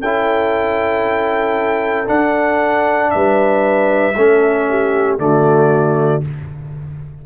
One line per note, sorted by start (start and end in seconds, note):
0.00 2.08 C#4
0.00 2.06 E4
0.00 3.10 A4
0.00 2.08 G5
2.06 4.13 D4
2.06 3.13 D4
2.06 3.10 F#5
3.10 4.15 G3
3.10 4.16 B4
3.10 5.17 E5
4.15 5.19 A3
4.15 5.18 C#4
4.15 4.68 A4
4.70 5.22 G4
5.18 6.22 D3
5.18 6.22 A3
5.18 6.26 F#4
5.18 6.23 D5